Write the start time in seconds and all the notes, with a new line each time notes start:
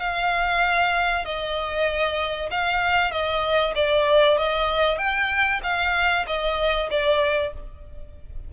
0.00 F5
1.25 D#5
2.51 F5
3.12 D#5
3.76 D5
4.38 D#5
4.98 G5
5.63 F5
6.28 D#5
6.91 D5